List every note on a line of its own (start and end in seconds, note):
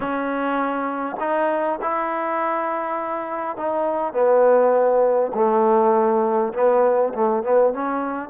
0.00 1.16 C#4
1.19 1.79 D#4
1.81 3.56 E4
3.56 4.13 D#4
4.13 5.32 B3
5.34 6.53 A3
6.53 7.13 B3
7.14 7.43 A3
7.43 7.73 B3
7.73 8.29 C#4